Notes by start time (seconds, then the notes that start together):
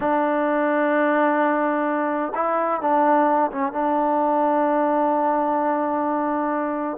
0.00 D4
2.34 E4
2.81 D4
3.51 C#4
3.72 D4